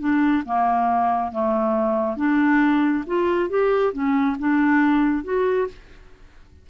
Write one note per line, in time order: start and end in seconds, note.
0.00 0.44 D4
0.46 1.32 A#3
1.32 2.17 A3
2.17 3.05 D4
3.07 3.50 F4
3.50 3.93 G4
3.93 4.37 C#4
4.39 5.24 D4
5.24 5.68 F#4